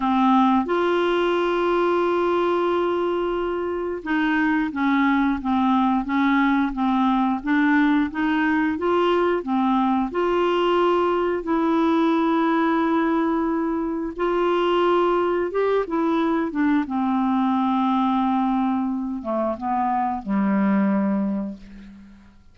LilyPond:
\new Staff \with { instrumentName = "clarinet" } { \time 4/4 \tempo 4 = 89 c'4 f'2.~ | f'2 dis'4 cis'4 | c'4 cis'4 c'4 d'4 | dis'4 f'4 c'4 f'4~ |
f'4 e'2.~ | e'4 f'2 g'8 e'8~ | e'8 d'8 c'2.~ | c'8 a8 b4 g2 | }